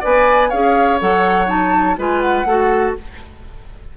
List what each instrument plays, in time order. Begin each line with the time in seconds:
0.00 bassoon B3, clarinet B4, oboe D5, flute G#5
0.49 bassoon C#4, clarinet G#4, oboe C#5, flute F5
0.99 bassoon F#3, clarinet A4, flute F#5
1.47 clarinet D#4, flute A5
1.97 bassoon G#3, clarinet F4, oboe B4, flute G#5
2.20 flute F#5
2.45 bassoon A3, clarinet F#4, oboe A4